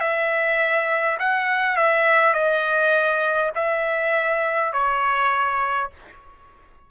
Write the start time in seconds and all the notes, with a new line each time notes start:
0.00 E5
1.19 F#5
1.76 E5
2.33 D#5
3.55 E5
4.72 C#5